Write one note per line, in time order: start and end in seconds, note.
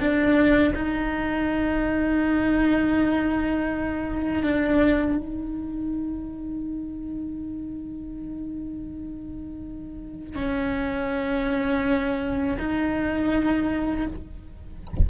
0.00 0.74 D4
0.75 4.43 D#4
4.43 5.17 D4
5.17 10.35 D#4
10.35 12.58 C#4
12.59 14.07 D#4